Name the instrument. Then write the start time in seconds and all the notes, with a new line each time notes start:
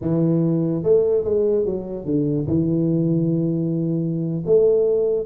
tuba
0.01 E3
0.83 A3
1.24 G#3
1.65 F#3
2.05 D3
2.47 E3
4.46 A3